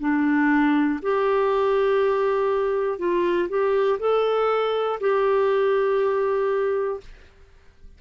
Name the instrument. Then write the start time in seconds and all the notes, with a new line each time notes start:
clarinet
0.00 D4
1.02 G4
2.99 F4
3.49 G4
4.00 A4
5.00 G4